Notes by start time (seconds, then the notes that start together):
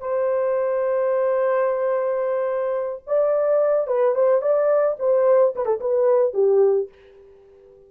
0.00 C5
3.07 D5
3.87 B4
4.15 C5
4.42 D5
5.00 C5
5.56 B4
5.66 A4
5.80 B4
6.34 G4